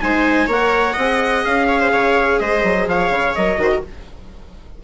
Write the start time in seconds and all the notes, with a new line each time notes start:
0.00 G#3 D#4 C5 G#5
0.47 A#3 A#4 C#5 F#5
0.93 C4 D#5
0.99 G#4
1.44 C#4 F5
1.68 C#5
1.79 C5
1.92 C#3 C#5
2.39 G#3 C5 D#5
2.63 F#3
2.87 F3 C#5 F5
3.10 C#3
3.35 F#3 A#4 D#5
3.57 D#3 F#4 C5
3.71 A#4